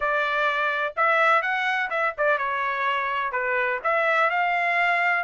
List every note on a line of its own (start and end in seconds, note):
0.00 0.94 D5
0.96 1.42 E5
1.42 1.89 F#5
1.90 2.13 E5
2.17 2.37 D5
2.37 3.31 C#5
3.31 3.79 B4
3.83 4.30 E5
4.30 5.24 F5